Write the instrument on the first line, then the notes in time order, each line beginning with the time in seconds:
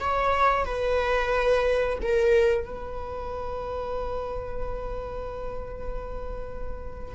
viola
0.00 C#5
0.65 B4
2.02 A#4
2.65 B4